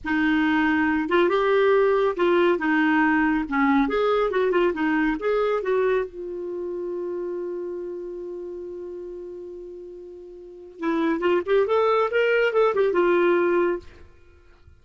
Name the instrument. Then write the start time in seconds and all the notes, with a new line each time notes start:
clarinet
0.04 D#4
1.09 F4
1.29 G4
2.16 F4
2.58 D#4
3.48 C#4
3.88 G#4
4.30 F#4
4.51 F4
4.73 D#4
5.19 G#4
5.62 F#4
6.05 F4
10.79 E4
11.20 F4
11.46 G4
11.66 A4
12.10 A#4
12.52 A4
12.74 G4
12.92 F4